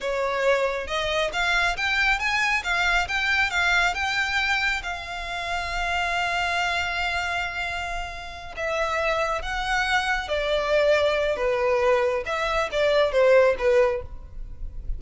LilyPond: \new Staff \with { instrumentName = "violin" } { \time 4/4 \tempo 4 = 137 cis''2 dis''4 f''4 | g''4 gis''4 f''4 g''4 | f''4 g''2 f''4~ | f''1~ |
f''2.~ f''8 e''8~ | e''4. fis''2 d''8~ | d''2 b'2 | e''4 d''4 c''4 b'4 | }